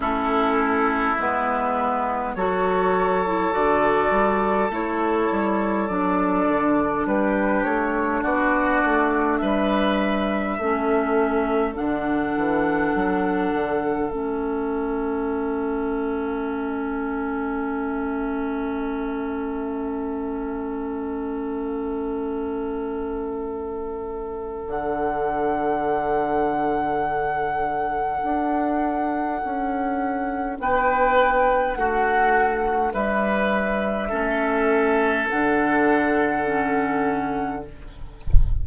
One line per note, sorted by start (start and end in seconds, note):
0.00 1.16 A3
0.00 1.16 C#4
0.00 2.32 E4
0.00 1.18 A4
1.18 2.35 G#3
1.18 2.37 B3
1.18 2.35 B4
2.35 3.53 F#3
2.35 3.25 F#4
2.35 7.07 A4
2.35 3.52 C#5
3.26 3.51 E4
3.51 4.10 D3
3.51 4.69 F#4
3.51 4.70 D5
4.10 4.69 G3
4.70 5.28 A3
4.70 5.88 E4
4.70 5.88 C#5
5.31 5.89 G3
5.88 6.47 F#3
5.88 10.59 D4
5.88 7.05 D5
6.47 7.05 D3
7.05 7.64 G3
7.05 8.21 G4
7.05 7.63 B4
7.63 8.23 A3
7.63 8.22 C#5
8.21 8.82 B3
8.21 9.38 F#4
8.21 9.37 D5
8.84 9.41 A3
9.37 10.58 G3
9.37 10.58 B4
9.37 11.73 E5
10.58 11.76 A3
10.58 11.74 C#4
10.58 30.58 A4
11.74 12.35 D3
11.74 14.09 D4
11.74 14.10 F#5
12.35 12.94 E3
12.94 13.53 F#3
13.53 14.11 D3
14.10 24.67 A3
14.10 24.70 C#4
14.10 24.68 E5
24.67 28.20 D3
24.67 34.11 D4
24.67 30.58 F#5
28.23 29.41 D4
29.44 30.59 C#4
30.59 31.76 B3
30.59 31.78 B4
30.59 31.74 G5
31.74 32.93 A3
31.74 32.93 F#4
31.74 32.91 F#5
32.93 34.11 G3
32.93 34.08 B4
32.93 35.28 E5
34.08 35.30 A3
34.08 35.28 C#4
34.08 37.61 A4
35.29 37.67 D3
35.29 36.45 D4
35.29 37.64 F#5
36.45 37.63 C#4